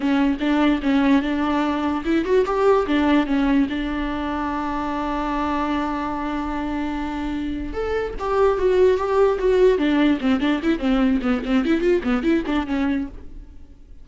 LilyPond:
\new Staff \with { instrumentName = "viola" } { \time 4/4 \tempo 4 = 147 cis'4 d'4 cis'4 d'4~ | d'4 e'8 fis'8 g'4 d'4 | cis'4 d'2.~ | d'1~ |
d'2. a'4 | g'4 fis'4 g'4 fis'4 | d'4 c'8 d'8 e'8 c'4 b8 | c'8 e'8 f'8 b8 e'8 d'8 cis'4 | }